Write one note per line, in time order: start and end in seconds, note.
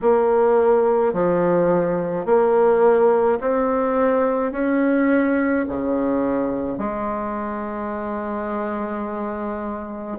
0.01 1.13 A#3
1.13 2.25 F3
2.25 3.39 A#3
3.41 4.52 C4
4.52 5.65 C#4
5.68 6.78 C#3
6.78 10.17 G#3